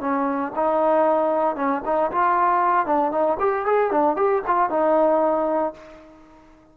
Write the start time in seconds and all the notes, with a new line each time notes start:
0.00 C#4
0.55 D#4
1.56 C#4
1.85 D#4
2.11 F4
2.86 D4
3.11 D#4
3.39 G4
3.66 G#4
3.91 D4
4.16 G4
4.47 F4
4.70 D#4